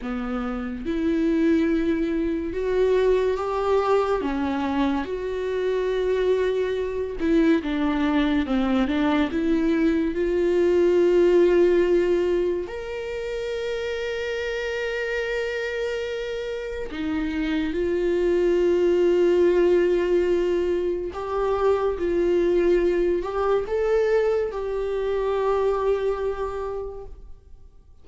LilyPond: \new Staff \with { instrumentName = "viola" } { \time 4/4 \tempo 4 = 71 b4 e'2 fis'4 | g'4 cis'4 fis'2~ | fis'8 e'8 d'4 c'8 d'8 e'4 | f'2. ais'4~ |
ais'1 | dis'4 f'2.~ | f'4 g'4 f'4. g'8 | a'4 g'2. | }